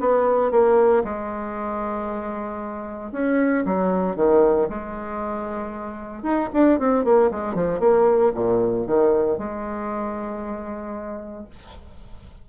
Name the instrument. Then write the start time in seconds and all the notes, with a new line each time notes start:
bassoon
0.00 B3
0.51 A#3
1.04 G#3
3.12 C#4
3.65 F#3
4.16 D#3
4.69 G#3
6.23 D#4
6.53 D4
6.79 C4
7.04 A#3
7.31 G#3
7.54 F3
7.80 A#3
8.35 A#2
8.87 D#3
9.38 G#3